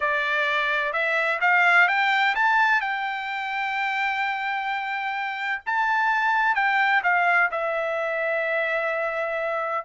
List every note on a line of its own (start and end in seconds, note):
0.00 0.92 D5
0.92 1.39 E5
1.41 1.87 F5
1.87 2.34 G5
2.35 2.80 A5
2.80 5.62 G5
5.65 6.55 A5
6.55 7.02 G5
7.03 7.50 F5
7.51 9.84 E5